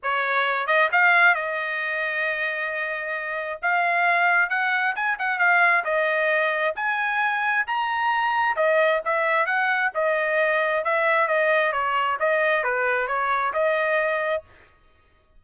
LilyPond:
\new Staff \with { instrumentName = "trumpet" } { \time 4/4 \tempo 4 = 133 cis''4. dis''8 f''4 dis''4~ | dis''1 | f''2 fis''4 gis''8 fis''8 | f''4 dis''2 gis''4~ |
gis''4 ais''2 dis''4 | e''4 fis''4 dis''2 | e''4 dis''4 cis''4 dis''4 | b'4 cis''4 dis''2 | }